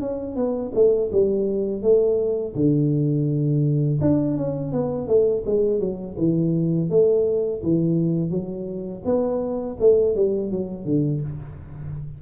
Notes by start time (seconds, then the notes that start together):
0.00 C#4
0.35 B3
0.74 A3
1.12 G3
1.82 A3
2.55 D3
4.01 D4
4.37 C#4
4.72 B3
5.07 A3
5.46 G#3
5.80 F#3
6.18 E3
6.89 A3
7.63 E3
8.30 F#3
9.05 B3
9.80 A3
10.15 G3
10.50 F#3
10.85 D3